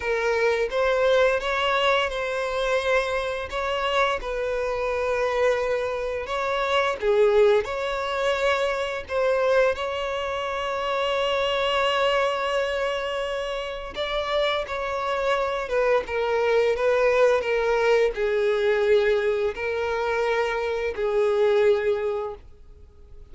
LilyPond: \new Staff \with { instrumentName = "violin" } { \time 4/4 \tempo 4 = 86 ais'4 c''4 cis''4 c''4~ | c''4 cis''4 b'2~ | b'4 cis''4 gis'4 cis''4~ | cis''4 c''4 cis''2~ |
cis''1 | d''4 cis''4. b'8 ais'4 | b'4 ais'4 gis'2 | ais'2 gis'2 | }